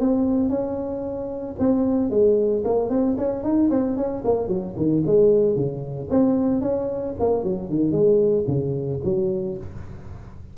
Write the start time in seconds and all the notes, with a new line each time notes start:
0.00 C4
0.49 C#4
1.59 C4
2.11 G#3
2.65 A#3
2.90 C4
3.18 C#4
3.43 D#4
3.70 C4
3.97 C#4
4.25 A#3
4.48 F#3
4.77 D#3
5.06 G#3
5.56 C#3
6.10 C4
6.62 C#4
7.20 A#3
7.44 F#3
7.69 D#3
7.92 G#3
8.48 C#3
9.05 F#3